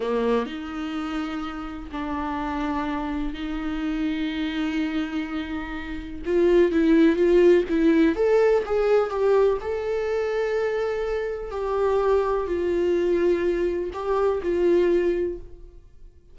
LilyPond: \new Staff \with { instrumentName = "viola" } { \time 4/4 \tempo 4 = 125 ais4 dis'2. | d'2. dis'4~ | dis'1~ | dis'4 f'4 e'4 f'4 |
e'4 a'4 gis'4 g'4 | a'1 | g'2 f'2~ | f'4 g'4 f'2 | }